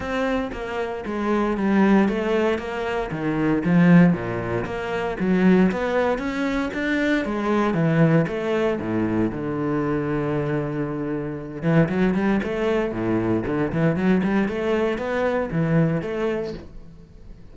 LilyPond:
\new Staff \with { instrumentName = "cello" } { \time 4/4 \tempo 4 = 116 c'4 ais4 gis4 g4 | a4 ais4 dis4 f4 | ais,4 ais4 fis4 b4 | cis'4 d'4 gis4 e4 |
a4 a,4 d2~ | d2~ d8 e8 fis8 g8 | a4 a,4 d8 e8 fis8 g8 | a4 b4 e4 a4 | }